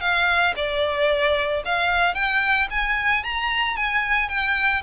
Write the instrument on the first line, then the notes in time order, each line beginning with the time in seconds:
violin
0.00 F5
0.56 D5
1.65 F5
2.14 G5
2.70 G#5
3.23 A#5
3.76 G#5
4.29 G5